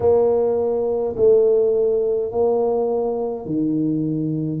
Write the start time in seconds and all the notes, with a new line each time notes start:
0.00 A#3
1.16 A3
2.31 A#3
3.45 D#3